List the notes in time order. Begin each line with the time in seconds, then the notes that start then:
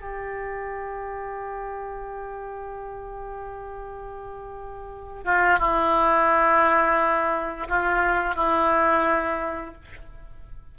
0.00 G4
5.24 F4
5.58 E4
7.68 F4
8.35 E4